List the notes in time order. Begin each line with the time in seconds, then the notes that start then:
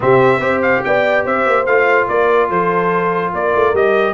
0.00 C3 C4 G4 E5
0.39 C4 G4 C5
0.62 F5
0.84 B3 D5 G5
1.25 C4 C5 E5
1.46 A#3
1.66 A3 F4 F5
2.08 A#3 A#4 D5
2.48 F3 A4 C5
3.33 A#3 A#4 D5
3.55 A3
3.73 G3 G4 D#5